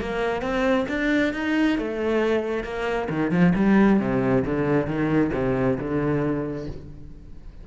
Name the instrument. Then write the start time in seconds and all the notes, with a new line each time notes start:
cello
0.00 A#3
0.41 C4
0.89 D4
1.33 D#4
1.78 A3
2.63 A#3
3.09 D#3
3.31 F3
3.55 G3
4.00 C3
4.45 D3
4.86 D#3
5.33 C3
5.78 D3